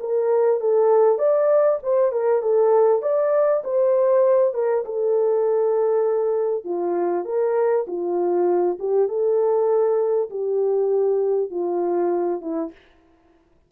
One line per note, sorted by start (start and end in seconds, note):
0.00 0.60 A#4
0.60 1.18 A4
1.18 1.79 D5
1.83 2.12 C5
2.12 2.42 A#4
2.42 3.02 A4
3.02 3.63 D5
3.64 4.54 C5
4.54 4.84 A#4
4.85 6.64 A4
6.64 7.25 F4
7.25 7.85 A#4
7.87 8.78 F4
8.79 9.08 G4
9.08 10.29 A4
10.30 11.50 G4
11.50 12.41 F4
12.41 12.72 E4